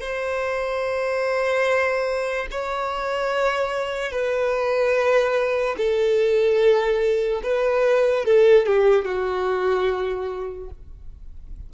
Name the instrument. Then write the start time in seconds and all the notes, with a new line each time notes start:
violin
0.00 C5
2.51 C#5
4.11 B4
5.77 A4
7.43 B4
8.25 A4
8.66 G4
9.04 F#4